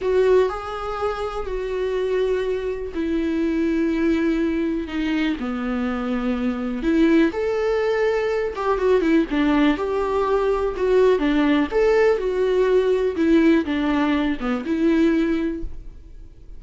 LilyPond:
\new Staff \with { instrumentName = "viola" } { \time 4/4 \tempo 4 = 123 fis'4 gis'2 fis'4~ | fis'2 e'2~ | e'2 dis'4 b4~ | b2 e'4 a'4~ |
a'4. g'8 fis'8 e'8 d'4 | g'2 fis'4 d'4 | a'4 fis'2 e'4 | d'4. b8 e'2 | }